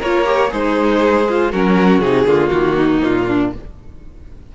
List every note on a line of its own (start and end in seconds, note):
0.00 0.52 A#3
0.00 0.25 F4
0.00 0.50 A#4
0.00 0.53 C#5
0.25 0.50 G4
0.50 1.53 G#3
0.50 1.29 D#4
0.50 1.50 G#4
0.50 1.52 C5
1.29 1.53 F4
1.52 1.99 F#3
1.52 2.04 C#4
1.52 2.27 F#4
1.52 2.01 A#4
1.99 2.25 C3
1.99 2.26 D#4
1.99 2.50 G#4
2.26 2.51 D3
2.26 3.53 A#3
2.26 2.77 F4
2.50 3.02 D#3
2.50 3.00 F#4
2.77 3.27 D#4
3.04 3.55 A#2
3.04 3.54 F4
3.28 3.53 D4